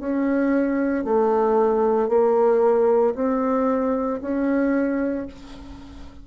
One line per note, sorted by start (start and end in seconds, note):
0.00 1.04 C#4
1.04 2.09 A3
2.09 3.14 A#3
3.15 4.21 C4
4.21 5.26 C#4